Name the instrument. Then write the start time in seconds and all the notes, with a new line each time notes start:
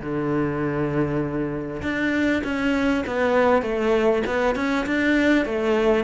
cello
0.00 D3
1.82 D4
2.44 C#4
3.07 B3
3.62 A3
4.26 B3
4.55 C#4
4.86 D4
5.45 A3